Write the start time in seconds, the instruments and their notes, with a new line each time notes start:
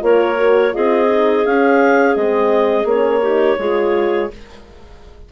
0.00 bassoon A#3, horn F4, clarinet A#4 C#5
0.37 horn F#4
0.72 bassoon C4, horn F4, clarinet G#4 D#5
1.09 horn D#4
1.46 bassoon C#4, horn C#4, clarinet F5
2.15 bassoon G#3, horn C4, clarinet D#5
2.85 bassoon A#3, horn C#4, clarinet C#5
3.22 horn D#4, clarinet G4
3.58 bassoon G#3, horn F4, clarinet G#4